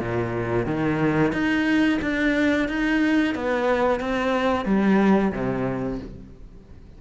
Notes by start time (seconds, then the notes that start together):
0.00 A#2
0.66 D#3
1.32 D#4
2.02 D4
2.68 D#4
3.35 B3
4.00 C4
4.65 G3
5.32 C3